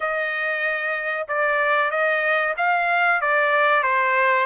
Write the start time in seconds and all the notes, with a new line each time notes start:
0.00 D#5
1.28 D5
1.90 D#5
2.57 F5
3.21 D5
3.83 C5